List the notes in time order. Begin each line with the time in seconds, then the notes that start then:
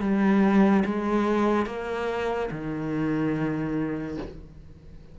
0.00 G3
0.85 G#3
1.66 A#3
2.51 D#3